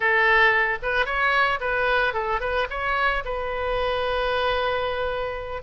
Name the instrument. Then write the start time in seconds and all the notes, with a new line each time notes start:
oboe
0.00 A4
0.82 B4
1.05 C#5
1.60 B4
2.13 A4
2.40 B4
2.70 C#5
3.24 B4